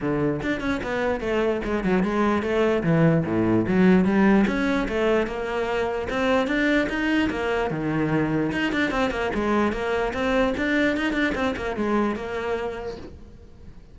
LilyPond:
\new Staff \with { instrumentName = "cello" } { \time 4/4 \tempo 4 = 148 d4 d'8 cis'8 b4 a4 | gis8 fis8 gis4 a4 e4 | a,4 fis4 g4 cis'4 | a4 ais2 c'4 |
d'4 dis'4 ais4 dis4~ | dis4 dis'8 d'8 c'8 ais8 gis4 | ais4 c'4 d'4 dis'8 d'8 | c'8 ais8 gis4 ais2 | }